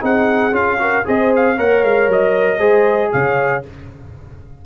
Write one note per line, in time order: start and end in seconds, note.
0.00 0.51 C4
0.00 0.52 D#4
0.00 0.78 G#4
0.00 0.55 F#5
0.51 1.03 C#4
0.51 0.78 F4
0.51 1.06 F5
0.78 1.04 F#4
0.78 1.06 A#4
1.04 1.58 C4
1.04 1.56 G#4
1.04 1.56 C5
1.04 1.33 D#5
1.36 1.59 F5
1.56 1.83 A#3
1.56 2.59 A#4
1.56 2.58 C#5
1.56 1.84 F#5
1.83 2.08 G#3
1.83 2.10 F5
2.08 2.59 F#3
2.08 3.12 D#5
2.58 3.11 G#3
2.58 3.62 G#4
2.58 3.10 C5
3.12 3.65 C#3
3.12 3.64 C#5
3.12 3.64 F5